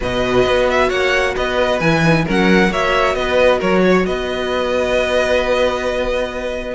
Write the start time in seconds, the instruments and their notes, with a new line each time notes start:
0.00 cello B2, viola F#4, violin B4 D#5
0.44 cello B3
0.70 violin E5
0.88 cello A#3, violin C#5 F#5
1.36 cello B3, violin B4 D#5
1.80 cello E3, viola E4, violin G#5
2.03 viola D#4
2.25 cello F#3, viola C#4, violin A#4 F#5
2.69 cello A#3, viola F#4, violin C#5 E5
3.14 cello B3, violin B4 D#5
3.59 cello F#3, violin A#4 C#5
3.84 violin C#5
4.06 cello B3, violin B4 D#5